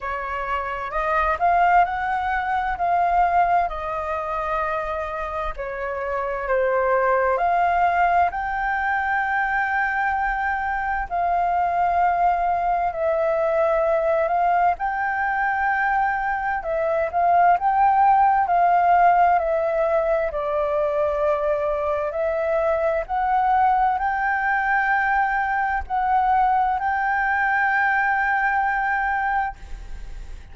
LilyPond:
\new Staff \with { instrumentName = "flute" } { \time 4/4 \tempo 4 = 65 cis''4 dis''8 f''8 fis''4 f''4 | dis''2 cis''4 c''4 | f''4 g''2. | f''2 e''4. f''8 |
g''2 e''8 f''8 g''4 | f''4 e''4 d''2 | e''4 fis''4 g''2 | fis''4 g''2. | }